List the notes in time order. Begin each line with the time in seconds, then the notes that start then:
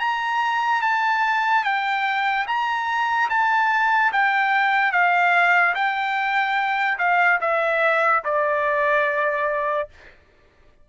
0.00 A#5
0.82 A5
1.64 G5
2.48 A#5
3.30 A5
4.13 G5
4.92 F5
5.75 G5
6.99 F5
7.41 E5
8.25 D5